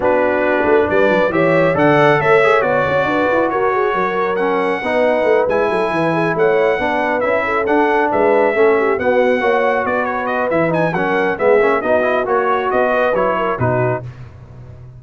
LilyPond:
<<
  \new Staff \with { instrumentName = "trumpet" } { \time 4/4 \tempo 4 = 137 b'2 d''4 e''4 | fis''4 e''4 d''2 | cis''2 fis''2~ | fis''8 gis''2 fis''4.~ |
fis''8 e''4 fis''4 e''4.~ | e''8 fis''2 d''8 cis''8 dis''8 | e''8 gis''8 fis''4 e''4 dis''4 | cis''4 dis''4 cis''4 b'4 | }
  \new Staff \with { instrumentName = "horn" } { \time 4/4 fis'2 b'4 cis''4 | d''4 cis''2 b'4 | ais'8 gis'8 ais'2 b'4~ | b'4 a'8 b'8 gis'8 cis''4 b'8~ |
b'4 a'4. b'4 a'8 | g'8 fis'4 cis''4 b'4.~ | b'4 ais'4 gis'4 fis'4~ | fis'4. b'4 ais'8 fis'4 | }
  \new Staff \with { instrumentName = "trombone" } { \time 4/4 d'2. g'4 | a'4. gis'8 fis'2~ | fis'2 cis'4 dis'4~ | dis'8 e'2. d'8~ |
d'8 e'4 d'2 cis'8~ | cis'8 b4 fis'2~ fis'8 | e'8 dis'8 cis'4 b8 cis'8 dis'8 e'8 | fis'2 e'4 dis'4 | }
  \new Staff \with { instrumentName = "tuba" } { \time 4/4 b4. a8 g8 fis8 e4 | d4 a4 b8 cis'8 d'8 e'8 | fis'4 fis2 b4 | a8 gis8 fis8 e4 a4 b8~ |
b8 cis'4 d'4 gis4 a8~ | a8 b4 ais4 b4. | e4 fis4 gis8 ais8 b4 | ais4 b4 fis4 b,4 | }
>>